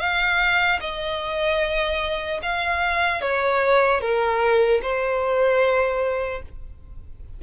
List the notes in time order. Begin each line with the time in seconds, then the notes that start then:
0.00 F5
0.81 D#5
2.43 F5
3.22 C#5
4.01 A#4
4.82 C5